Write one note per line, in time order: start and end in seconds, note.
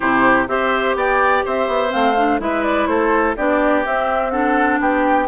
0.00 0.48 C3
0.00 0.47 E4
0.00 0.47 G4
0.00 0.47 C5
0.47 0.95 C4
0.47 1.90 G4
0.47 0.96 C5
0.47 0.96 E5
0.95 1.43 B3
0.95 1.44 D5
0.95 1.46 G5
1.44 1.67 C4
1.44 2.40 C5
1.44 1.92 E5
1.67 1.91 B3
1.90 2.39 A3
1.90 2.14 C4
1.90 2.40 F5
2.17 2.39 D4
2.39 2.87 G#3
2.39 3.35 E4
2.39 2.89 B4
2.39 2.63 E5
2.63 2.86 D5
2.86 3.35 A3
2.86 3.36 A4
2.86 3.34 C5
3.36 3.85 B3
3.36 3.85 D4
3.36 4.32 G4
3.36 3.85 D5
3.85 4.32 C4
3.85 4.79 C4
3.85 4.30 E5
4.30 5.27 D4
4.30 4.80 A4
4.30 4.78 F#5
4.79 5.27 B3
4.79 5.27 G4
4.79 5.27 G5